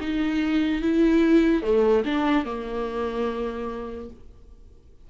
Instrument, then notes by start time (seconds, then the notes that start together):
viola
0.00 D#4
0.81 E4
1.62 A3
2.05 D4
2.45 A#3